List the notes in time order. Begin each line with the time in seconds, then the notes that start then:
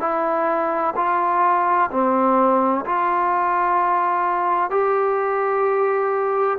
0.00 E4
0.96 F4
1.91 C4
2.86 F4
4.70 G4